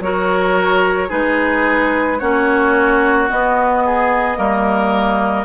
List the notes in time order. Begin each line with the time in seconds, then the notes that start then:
0.00 F#3 F#4 A#4 C#5
1.08 G#3 D#4 G#4 B4
2.19 A#3 C#4 F#4 C#5
3.29 B3 D#5
3.85 G#4
4.36 G3 A#3 A#4